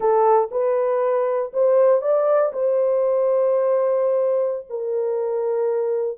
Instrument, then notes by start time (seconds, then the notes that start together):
horn
0.00 A4
0.51 B4
1.53 C5
2.01 D5
2.53 C5
4.69 A#4